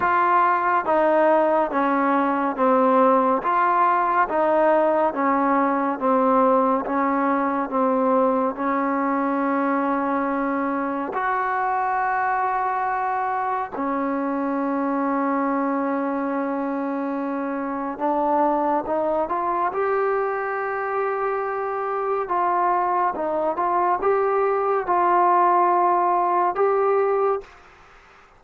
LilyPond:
\new Staff \with { instrumentName = "trombone" } { \time 4/4 \tempo 4 = 70 f'4 dis'4 cis'4 c'4 | f'4 dis'4 cis'4 c'4 | cis'4 c'4 cis'2~ | cis'4 fis'2. |
cis'1~ | cis'4 d'4 dis'8 f'8 g'4~ | g'2 f'4 dis'8 f'8 | g'4 f'2 g'4 | }